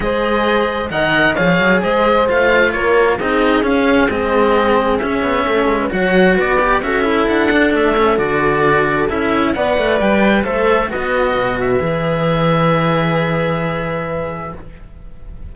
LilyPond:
<<
  \new Staff \with { instrumentName = "oboe" } { \time 4/4 \tempo 4 = 132 dis''2 fis''4 f''4 | dis''4 f''4 cis''4 dis''4 | f''4 dis''2 e''4~ | e''4 fis''4 d''4 e''4 |
fis''4 e''4 d''2 | e''4 fis''4 g''4 e''4 | dis''4. e''2~ e''8~ | e''1 | }
  \new Staff \with { instrumentName = "horn" } { \time 4/4 c''2 dis''4 cis''4 | c''2 ais'4 gis'4~ | gis'1 | a'8. b'16 cis''4 b'4 a'4~ |
a'1~ | a'4 d''2 c''4 | b'1~ | b'1 | }
  \new Staff \with { instrumentName = "cello" } { \time 4/4 gis'2 ais'4 gis'4~ | gis'4 f'2 dis'4 | cis'4 c'2 cis'4~ | cis'4 fis'4. g'8 fis'8 e'8~ |
e'8 d'4 cis'8 fis'2 | e'4 b'2 a'4 | fis'2 gis'2~ | gis'1 | }
  \new Staff \with { instrumentName = "cello" } { \time 4/4 gis2 dis4 f8 fis8 | gis4 a4 ais4 c'4 | cis'4 gis2 cis'8 b8 | a8 gis8 fis4 b4 cis'4 |
d'4 a4 d2 | cis'4 b8 a8 g4 a4 | b4 b,4 e2~ | e1 | }
>>